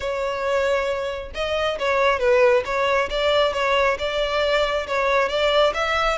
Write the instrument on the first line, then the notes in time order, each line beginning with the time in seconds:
violin
0.00 C#5
1.34 D#5
1.78 C#5
2.19 B4
2.65 C#5
3.09 D5
3.53 C#5
3.98 D5
4.87 C#5
5.29 D5
5.74 E5